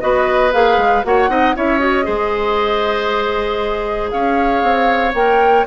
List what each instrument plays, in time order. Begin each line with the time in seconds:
0.00 bassoon B3, clarinet F#4, oboe B4, flute D#5
0.52 bassoon A#3, clarinet G#4, flute F5
0.77 bassoon G#3
1.04 bassoon A#3, clarinet F#4, oboe C#5, flute F#5
1.29 bassoon C4, clarinet D#4, oboe D#5
1.55 bassoon C#4, clarinet E4, oboe C#5, flute E5
1.79 clarinet F#4, flute D#5
2.03 bassoon G#3, clarinet G#4, oboe C5
4.11 bassoon C#4, oboe C#5, flute F5
4.63 bassoon C4
5.14 bassoon A#3, clarinet A#4, flute G5